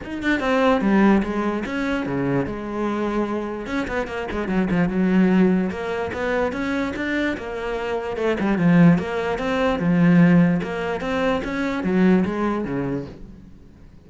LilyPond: \new Staff \with { instrumentName = "cello" } { \time 4/4 \tempo 4 = 147 dis'8 d'8 c'4 g4 gis4 | cis'4 cis4 gis2~ | gis4 cis'8 b8 ais8 gis8 fis8 f8 | fis2 ais4 b4 |
cis'4 d'4 ais2 | a8 g8 f4 ais4 c'4 | f2 ais4 c'4 | cis'4 fis4 gis4 cis4 | }